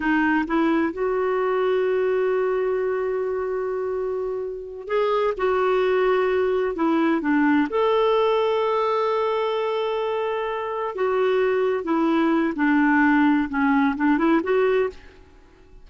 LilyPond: \new Staff \with { instrumentName = "clarinet" } { \time 4/4 \tempo 4 = 129 dis'4 e'4 fis'2~ | fis'1~ | fis'2~ fis'8 gis'4 fis'8~ | fis'2~ fis'8 e'4 d'8~ |
d'8 a'2.~ a'8~ | a'2.~ a'8 fis'8~ | fis'4. e'4. d'4~ | d'4 cis'4 d'8 e'8 fis'4 | }